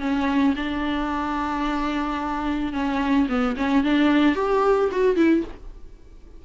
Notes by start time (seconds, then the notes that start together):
0.00 C#4
0.56 D4
2.73 C#4
3.29 B3
3.57 C#4
3.84 D4
4.35 G4
4.92 F#4
5.16 E4